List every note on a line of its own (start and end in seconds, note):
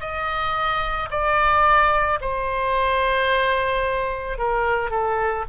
0.00 1.09 D#5
1.10 2.19 D5
2.21 4.37 C5
4.37 4.90 A#4
4.90 5.44 A4